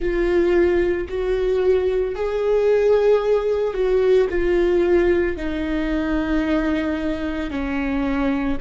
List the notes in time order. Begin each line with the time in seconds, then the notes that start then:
0.00 F4
1.08 F#4
2.15 G#4
3.74 F#4
4.29 F4
5.36 D#4
7.50 C#4